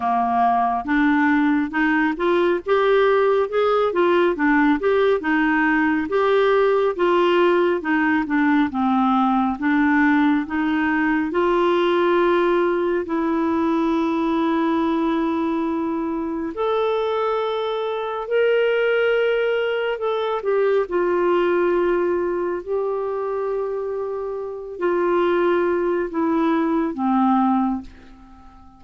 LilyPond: \new Staff \with { instrumentName = "clarinet" } { \time 4/4 \tempo 4 = 69 ais4 d'4 dis'8 f'8 g'4 | gis'8 f'8 d'8 g'8 dis'4 g'4 | f'4 dis'8 d'8 c'4 d'4 | dis'4 f'2 e'4~ |
e'2. a'4~ | a'4 ais'2 a'8 g'8 | f'2 g'2~ | g'8 f'4. e'4 c'4 | }